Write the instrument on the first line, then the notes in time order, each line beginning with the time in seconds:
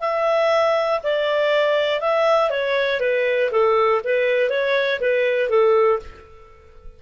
clarinet
0.00 E5
1.03 D5
2.00 E5
2.50 C#5
3.00 B4
3.51 A4
4.04 B4
4.50 C#5
5.00 B4
5.49 A4